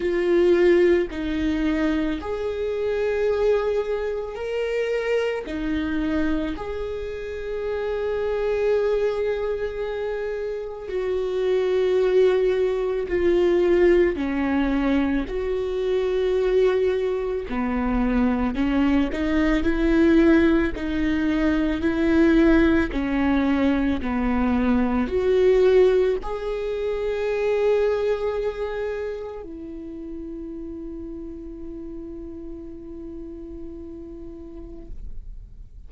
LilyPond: \new Staff \with { instrumentName = "viola" } { \time 4/4 \tempo 4 = 55 f'4 dis'4 gis'2 | ais'4 dis'4 gis'2~ | gis'2 fis'2 | f'4 cis'4 fis'2 |
b4 cis'8 dis'8 e'4 dis'4 | e'4 cis'4 b4 fis'4 | gis'2. e'4~ | e'1 | }